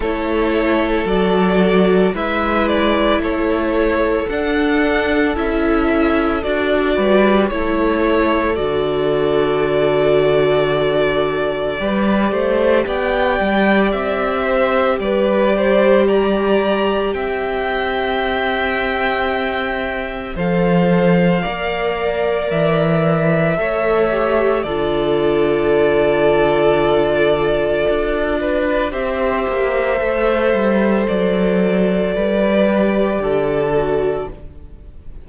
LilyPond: <<
  \new Staff \with { instrumentName = "violin" } { \time 4/4 \tempo 4 = 56 cis''4 d''4 e''8 d''8 cis''4 | fis''4 e''4 d''4 cis''4 | d''1 | g''4 e''4 d''4 ais''4 |
g''2. f''4~ | f''4 e''2 d''4~ | d''2. e''4~ | e''4 d''2. | }
  \new Staff \with { instrumentName = "violin" } { \time 4/4 a'2 b'4 a'4~ | a'2~ a'8 b'8 a'4~ | a'2. b'8 c''8 | d''4. c''8 b'8 c''8 d''4 |
e''2. c''4 | d''2 cis''4 a'4~ | a'2~ a'8 b'8 c''4~ | c''2 b'4 a'4 | }
  \new Staff \with { instrumentName = "viola" } { \time 4/4 e'4 fis'4 e'2 | d'4 e'4 fis'4 e'4 | fis'2. g'4~ | g'1~ |
g'2. a'4 | ais'2 a'8 g'8 f'4~ | f'2. g'4 | a'2~ a'8 g'4 fis'8 | }
  \new Staff \with { instrumentName = "cello" } { \time 4/4 a4 fis4 gis4 a4 | d'4 cis'4 d'8 g8 a4 | d2. g8 a8 | b8 g8 c'4 g2 |
c'2. f4 | ais4 e4 a4 d4~ | d2 d'4 c'8 ais8 | a8 g8 fis4 g4 d4 | }
>>